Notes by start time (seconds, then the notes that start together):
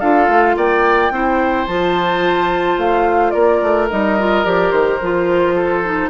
0.00 D4 F4 A4 F5
0.28 A3
0.56 A#3 D5 G5
1.11 C4 E4 C5
1.67 F3 F4 A5
2.77 A3 F5
3.30 A#3 A#4 D5
3.62 A3
3.90 G3 D#4 D#5
4.19 F4
4.44 F3 G4 D5
4.71 D#3 C5
5.01 F3 F4
5.55 A4
5.84 D#4